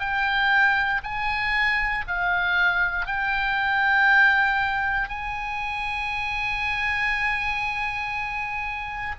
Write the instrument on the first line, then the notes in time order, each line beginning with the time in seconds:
oboe
0.00 G5
1.04 G#5
2.07 F5
3.06 G5
5.08 G#5